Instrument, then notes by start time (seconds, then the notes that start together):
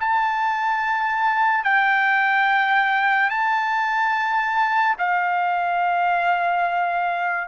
trumpet
0.00 A5
1.64 G5
3.30 A5
4.98 F5